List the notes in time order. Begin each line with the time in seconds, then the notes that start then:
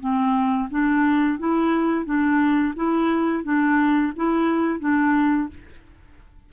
0.00 C4
0.71 D4
1.39 E4
2.05 D4
2.76 E4
3.44 D4
4.16 E4
4.80 D4